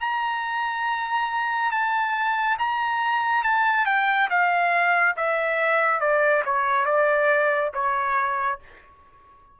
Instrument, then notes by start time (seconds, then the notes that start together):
trumpet
0.00 A#5
1.71 A5
2.58 A#5
3.43 A5
3.85 G5
4.29 F5
5.16 E5
6.00 D5
6.45 C#5
6.85 D5
7.73 C#5